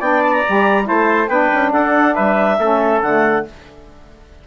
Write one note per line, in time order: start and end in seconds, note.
0.00 0.43 B3
0.00 0.44 D4
0.00 0.86 D5
0.00 0.22 G5
0.23 0.32 A5
0.32 0.86 A#5
0.49 0.90 G3
0.49 0.83 G4
0.83 1.26 E4
0.83 1.29 C5
0.83 1.28 A5
0.90 1.28 A3
1.28 1.49 B3
1.28 2.59 D4
1.28 1.72 B4
1.28 1.71 G5
1.53 1.73 C#4
1.72 2.16 D4
1.72 2.15 A4
1.72 2.15 F#5
2.15 2.58 G3
2.15 2.58 B4
2.15 3.00 E5
2.58 3.01 A3
2.58 3.04 C#4
2.58 3.46 A4
3.01 3.44 D3
3.01 3.47 A3
3.01 3.45 F#5